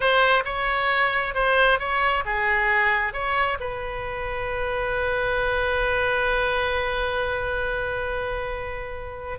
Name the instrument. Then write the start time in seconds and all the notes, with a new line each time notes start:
oboe
0.00 C5
0.45 C#5
1.34 C5
1.79 C#5
2.25 G#4
3.13 C#5
3.59 B4